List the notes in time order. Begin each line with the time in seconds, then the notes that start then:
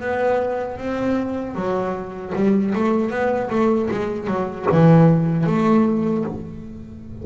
0.00 B3
0.78 C4
1.55 F#3
2.35 G3
2.75 A3
3.10 B3
3.50 A3
3.91 G#3
4.27 F#3
4.72 E3
5.46 A3